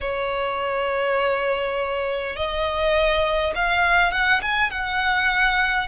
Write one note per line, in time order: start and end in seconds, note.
0.00 2.35 C#5
2.35 3.53 D#5
3.55 4.11 F5
4.11 4.41 F#5
4.41 4.71 G#5
4.71 5.87 F#5